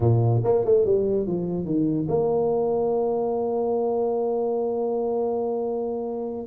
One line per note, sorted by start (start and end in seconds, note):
0.00 0.42 A#2
0.44 0.65 A#3
0.65 0.85 A3
0.85 1.26 G3
1.26 1.65 F3
1.65 2.07 D#3
2.08 6.47 A#3